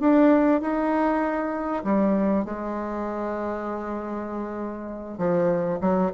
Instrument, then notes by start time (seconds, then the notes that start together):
bassoon
0.00 D4
0.61 D#4
1.84 G3
2.45 G#3
5.18 F3
5.81 F#3